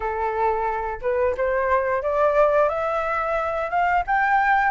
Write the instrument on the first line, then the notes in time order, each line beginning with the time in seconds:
flute
0.00 A4
1.01 B4
1.37 C5
2.02 D5
2.68 E5
3.70 F5
4.06 G5